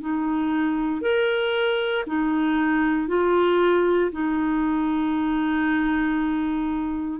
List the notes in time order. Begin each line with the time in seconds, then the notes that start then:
0.00 D#4
1.01 A#4
2.06 D#4
3.08 F4
4.11 D#4